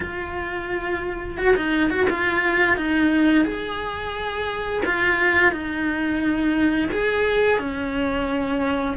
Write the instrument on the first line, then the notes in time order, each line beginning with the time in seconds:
cello
0.00 F4
1.37 F#4
1.56 D#4
1.90 F#4
2.09 F4
2.76 D#4
3.44 G#4
4.85 F4
5.51 D#4
6.91 G#4
7.59 C#4